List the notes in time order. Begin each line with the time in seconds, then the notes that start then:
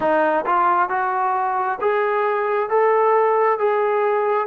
0.00 D#4
0.46 F4
0.89 F#4
1.80 G#4
2.69 A4
3.58 G#4